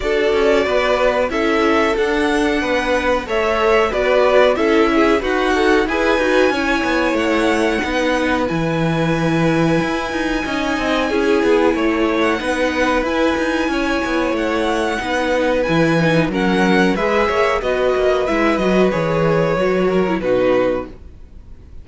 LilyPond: <<
  \new Staff \with { instrumentName = "violin" } { \time 4/4 \tempo 4 = 92 d''2 e''4 fis''4~ | fis''4 e''4 d''4 e''4 | fis''4 gis''2 fis''4~ | fis''4 gis''2.~ |
gis''2~ gis''8. fis''4~ fis''16 | gis''2 fis''2 | gis''4 fis''4 e''4 dis''4 | e''8 dis''8 cis''2 b'4 | }
  \new Staff \with { instrumentName = "violin" } { \time 4/4 a'4 b'4 a'2 | b'4 cis''4 b'4 a'8 gis'8 | fis'4 b'4 cis''2 | b'1 |
dis''4 gis'4 cis''4 b'4~ | b'4 cis''2 b'4~ | b'4 ais'4 b'8 cis''8 b'4~ | b'2~ b'8 ais'8 fis'4 | }
  \new Staff \with { instrumentName = "viola" } { \time 4/4 fis'2 e'4 d'4~ | d'4 a'4 fis'4 e'4 | b'8 a'8 gis'8 fis'8 e'2 | dis'4 e'2. |
dis'4 e'2 dis'4 | e'2. dis'4 | e'8 dis'8 cis'4 gis'4 fis'4 | e'8 fis'8 gis'4 fis'8. e'16 dis'4 | }
  \new Staff \with { instrumentName = "cello" } { \time 4/4 d'8 cis'8 b4 cis'4 d'4 | b4 a4 b4 cis'4 | dis'4 e'8 dis'8 cis'8 b8 a4 | b4 e2 e'8 dis'8 |
cis'8 c'8 cis'8 b8 a4 b4 | e'8 dis'8 cis'8 b8 a4 b4 | e4 fis4 gis8 ais8 b8 ais8 | gis8 fis8 e4 fis4 b,4 | }
>>